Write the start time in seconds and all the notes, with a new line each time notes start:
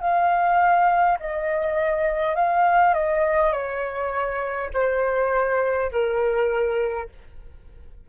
0.00 F5
1.19 D#5
2.35 F5
2.94 D#5
3.52 C#5
4.73 C5
5.91 A#4